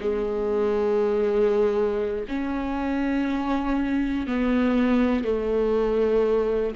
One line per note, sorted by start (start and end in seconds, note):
0.00 2.25 G#3
2.28 4.27 C#4
4.27 5.24 B3
5.24 6.74 A3